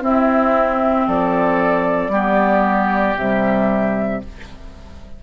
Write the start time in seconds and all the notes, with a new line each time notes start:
0.00 C4 E4 E5
1.07 F3 A4 D5
2.08 G3 B3 G4
3.16 C3 G3 E5